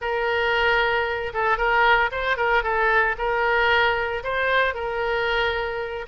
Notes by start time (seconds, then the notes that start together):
0.01 A#4
1.33 A4
1.57 A#4
2.11 C5
2.37 A#4
2.63 A4
3.17 A#4
4.23 C5
4.74 A#4